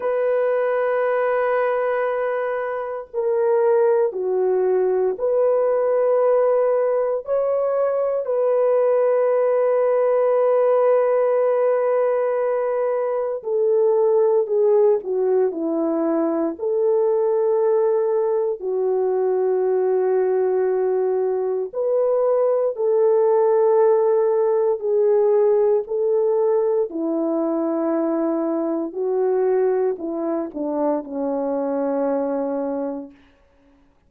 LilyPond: \new Staff \with { instrumentName = "horn" } { \time 4/4 \tempo 4 = 58 b'2. ais'4 | fis'4 b'2 cis''4 | b'1~ | b'4 a'4 gis'8 fis'8 e'4 |
a'2 fis'2~ | fis'4 b'4 a'2 | gis'4 a'4 e'2 | fis'4 e'8 d'8 cis'2 | }